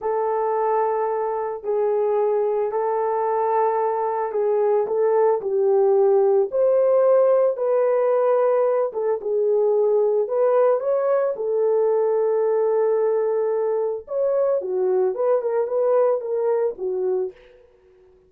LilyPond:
\new Staff \with { instrumentName = "horn" } { \time 4/4 \tempo 4 = 111 a'2. gis'4~ | gis'4 a'2. | gis'4 a'4 g'2 | c''2 b'2~ |
b'8 a'8 gis'2 b'4 | cis''4 a'2.~ | a'2 cis''4 fis'4 | b'8 ais'8 b'4 ais'4 fis'4 | }